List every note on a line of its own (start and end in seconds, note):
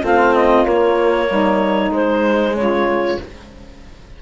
0.00 0.65 A3
0.00 0.66 C4
0.00 1.26 F4
0.06 0.34 F5
0.34 0.66 D#5
0.65 1.28 A#3
0.65 1.91 A#3
0.65 1.92 C#5
1.29 1.91 G3
1.29 2.56 D#4
1.91 3.17 G#3
1.91 2.54 G#3
1.91 2.56 C5
2.55 3.18 C#3
2.55 3.22 F4
2.55 3.20 C#5